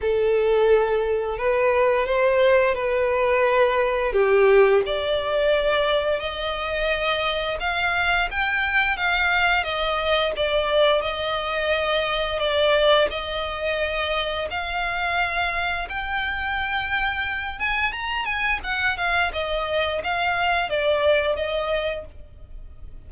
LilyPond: \new Staff \with { instrumentName = "violin" } { \time 4/4 \tempo 4 = 87 a'2 b'4 c''4 | b'2 g'4 d''4~ | d''4 dis''2 f''4 | g''4 f''4 dis''4 d''4 |
dis''2 d''4 dis''4~ | dis''4 f''2 g''4~ | g''4. gis''8 ais''8 gis''8 fis''8 f''8 | dis''4 f''4 d''4 dis''4 | }